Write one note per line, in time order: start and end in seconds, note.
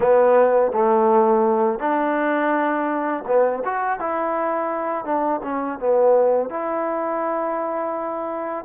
0.00 0.72 B3
0.72 1.79 A3
1.79 3.23 D4
3.27 3.63 B3
3.64 3.99 F#4
3.99 5.04 E4
5.04 5.41 D4
5.42 5.79 C#4
5.79 6.49 B3
6.49 8.65 E4